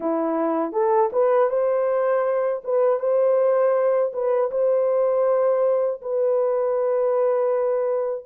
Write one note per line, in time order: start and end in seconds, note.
0.00 0.72 E4
0.72 1.10 A4
1.12 1.49 B4
1.49 2.62 C5
2.64 2.99 B4
2.99 4.12 C5
4.13 4.50 B4
4.51 6.01 C5
6.01 8.25 B4